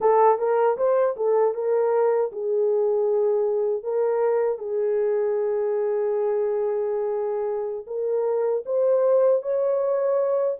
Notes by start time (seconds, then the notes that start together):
0.00 A4
0.38 A#4
0.77 C5
1.16 A4
1.54 A#4
2.32 G#4
3.83 A#4
4.58 G#4
7.86 A#4
8.65 C5
9.42 C#5